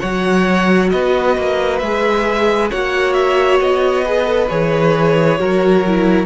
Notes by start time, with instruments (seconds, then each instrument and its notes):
0.00 cello F#3, viola F#4, violin C#5 F#5
0.91 cello B3, violin B4 D#5
1.37 cello A#3
1.79 cello G#3, viola G#4, violin E5
2.71 cello A#3, viola F#4, violin C#5 F#5
3.14 violin E5
3.61 cello B3, violin D#5
4.05 viola G#4, violin B4
4.26 viola A4
4.49 cello E3, viola G#4, violin C#5
5.39 cello F#3, viola F#4, violin A#4
5.88 viola E4